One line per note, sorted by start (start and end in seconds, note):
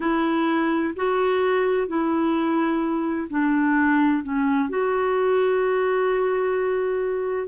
0.00 0.94 E4
0.96 1.87 F#4
1.87 3.28 E4
3.30 4.23 D4
4.23 4.69 C#4
4.69 7.47 F#4